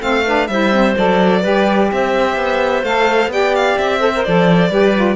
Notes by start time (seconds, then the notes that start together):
0.00 A3 C4 A4 F5
0.26 D4 B4
0.47 G3 E4 C5 E5
0.73 C4
0.98 F#3 A4 D5
1.41 G3 G4 B4
1.92 C4 C5 E5
2.36 B3
2.83 A3 A4 F5
3.28 B3 G4 D5 G5
3.55 F5
3.78 C4 E5
4.00 A4 C5
4.16 A#4
4.24 F3 A4 D5
4.70 G3 G4 B4
4.95 F4